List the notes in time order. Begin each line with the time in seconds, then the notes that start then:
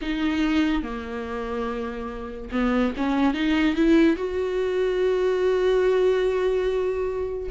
0.01 D#4
0.83 A#3
2.52 B3
2.96 C#4
3.33 D#4
3.75 E4
4.16 F#4